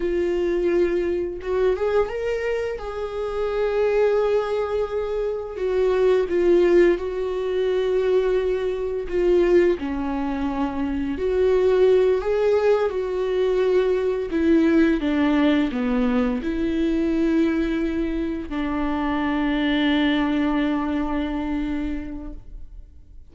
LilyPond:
\new Staff \with { instrumentName = "viola" } { \time 4/4 \tempo 4 = 86 f'2 fis'8 gis'8 ais'4 | gis'1 | fis'4 f'4 fis'2~ | fis'4 f'4 cis'2 |
fis'4. gis'4 fis'4.~ | fis'8 e'4 d'4 b4 e'8~ | e'2~ e'8 d'4.~ | d'1 | }